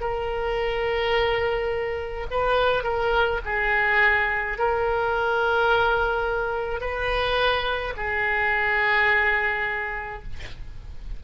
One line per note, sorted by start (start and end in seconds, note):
0.00 2.26 A#4
2.31 2.84 B4
2.84 3.40 A#4
3.45 4.58 G#4
4.58 6.81 A#4
6.81 7.94 B4
7.97 10.23 G#4